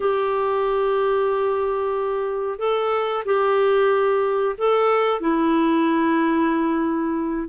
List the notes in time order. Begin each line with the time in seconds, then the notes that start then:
0.00 G4
2.58 A4
3.25 G4
4.57 A4
5.20 E4